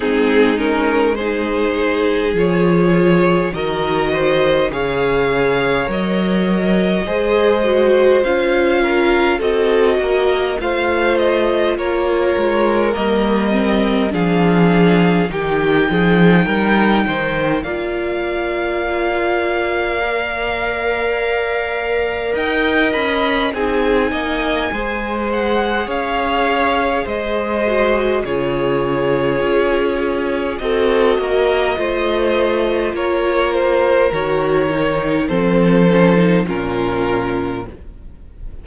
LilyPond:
<<
  \new Staff \with { instrumentName = "violin" } { \time 4/4 \tempo 4 = 51 gis'8 ais'8 c''4 cis''4 dis''4 | f''4 dis''2 f''4 | dis''4 f''8 dis''8 cis''4 dis''4 | f''4 g''2 f''4~ |
f''2. g''8 b''8 | gis''4. fis''8 f''4 dis''4 | cis''2 dis''2 | cis''8 c''8 cis''4 c''4 ais'4 | }
  \new Staff \with { instrumentName = "violin" } { \time 4/4 dis'4 gis'2 ais'8 c''8 | cis''2 c''4. ais'8 | a'8 ais'8 c''4 ais'2 | gis'4 g'8 gis'8 ais'8 c''8 d''4~ |
d''2. dis''4 | gis'8 dis''8 c''4 cis''4 c''4 | gis'2 a'8 ais'8 c''4 | ais'2 a'4 f'4 | }
  \new Staff \with { instrumentName = "viola" } { \time 4/4 c'8 cis'8 dis'4 f'4 fis'4 | gis'4 ais'4 gis'8 fis'8 f'4 | fis'4 f'2 ais8 c'8 | d'4 dis'2 f'4~ |
f'4 ais'2. | dis'4 gis'2~ gis'8 fis'8 | f'2 fis'4 f'4~ | f'4 fis'8 dis'8 c'8 cis'16 dis'16 cis'4 | }
  \new Staff \with { instrumentName = "cello" } { \time 4/4 gis2 f4 dis4 | cis4 fis4 gis4 cis'4 | c'8 ais8 a4 ais8 gis8 g4 | f4 dis8 f8 g8 dis8 ais4~ |
ais2. dis'8 cis'8 | c'8 ais8 gis4 cis'4 gis4 | cis4 cis'4 c'8 ais8 a4 | ais4 dis4 f4 ais,4 | }
>>